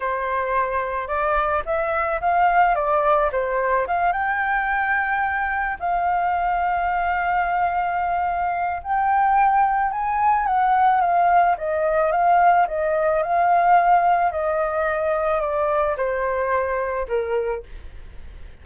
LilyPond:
\new Staff \with { instrumentName = "flute" } { \time 4/4 \tempo 4 = 109 c''2 d''4 e''4 | f''4 d''4 c''4 f''8 g''8~ | g''2~ g''8 f''4.~ | f''1 |
g''2 gis''4 fis''4 | f''4 dis''4 f''4 dis''4 | f''2 dis''2 | d''4 c''2 ais'4 | }